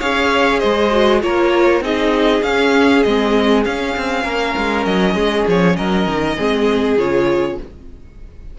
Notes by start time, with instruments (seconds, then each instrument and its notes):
0.00 cello C#4, viola G#4, violin C#5 F5
0.60 cello G#3, violin C5 D#5
0.91 viola F#4
1.21 cello A#3, viola F4, violin A#4 C#5
1.81 cello C4, viola D#4, violin G#4 D#5
2.43 cello C#4, viola C#4, violin F5
3.03 cello G#3, viola C4, violin D#5
3.64 viola C#4, cello C#4, violin F5
3.97 cello C4
4.23 cello A#3, violin A#4
4.57 cello G#3
4.85 cello F#3, violin D#5
5.14 cello G#3, violin G#4
5.48 cello F3, violin C#5
5.76 cello F#3, violin A#4 D#5
6.07 cello D#3
6.36 cello G#3, viola C4, violin G#4
6.98 cello C#3, viola F4, violin C#5